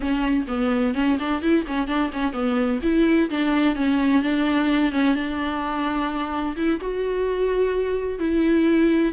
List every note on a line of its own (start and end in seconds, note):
0.00 0.45 C#4
0.47 0.94 B3
0.94 1.17 C#4
1.19 1.41 D4
1.41 1.65 E4
1.67 1.87 C#4
1.87 2.11 D4
2.12 2.32 C#4
2.32 2.79 B3
2.82 3.29 E4
3.30 3.75 D4
3.75 4.22 C#4
4.22 4.92 D4
4.92 5.15 C#4
5.15 6.56 D4
6.56 6.80 E4
6.80 8.19 F#4
8.19 9.12 E4